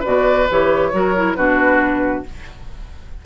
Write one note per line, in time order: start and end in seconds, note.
0.00 0.50 B2
0.00 0.49 F#4
0.00 0.88 B4
0.00 0.49 D5
0.50 0.93 E3
0.50 0.93 G4
0.50 1.35 C#5
0.93 1.36 F#3
0.93 1.15 F#4
0.93 1.37 A#4
1.16 1.37 E4
1.35 2.24 B2
1.35 2.25 D4
1.35 2.25 F#4
1.35 2.23 B4